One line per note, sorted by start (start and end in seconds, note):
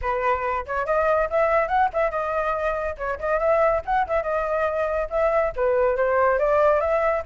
0.01 0.65 B4
0.66 0.86 C#5
0.86 1.28 D#5
1.30 1.68 E5
1.68 1.89 F#5
1.93 2.10 E5
2.10 2.95 D#5
2.97 3.18 C#5
3.19 3.39 D#5
3.39 3.82 E5
3.85 4.06 F#5
4.07 4.22 E5
4.22 5.08 D#5
5.10 5.52 E5
5.56 5.96 B4
5.96 6.38 C5
6.38 6.80 D5
6.80 7.22 E5